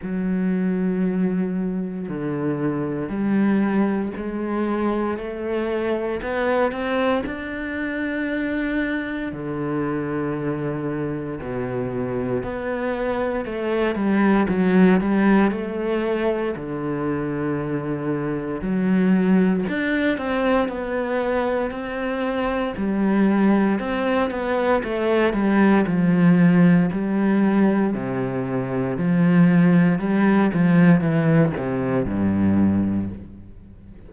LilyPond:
\new Staff \with { instrumentName = "cello" } { \time 4/4 \tempo 4 = 58 fis2 d4 g4 | gis4 a4 b8 c'8 d'4~ | d'4 d2 b,4 | b4 a8 g8 fis8 g8 a4 |
d2 fis4 d'8 c'8 | b4 c'4 g4 c'8 b8 | a8 g8 f4 g4 c4 | f4 g8 f8 e8 c8 g,4 | }